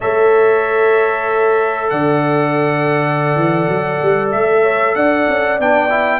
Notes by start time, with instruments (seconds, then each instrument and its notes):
0.00 tuba A3, trombone A4, horn C#5, trumpet E5
1.89 tuba D3, horn D5, trumpet F#5
3.35 tuba E3
3.67 tuba F#3
4.02 tuba G3
4.31 tuba A3, trumpet E5
4.62 horn C#5
4.95 tuba D4, horn D5, trumpet F#5
5.28 tuba C#4
5.59 tuba B3, trombone D4, trumpet G5
5.89 trombone E4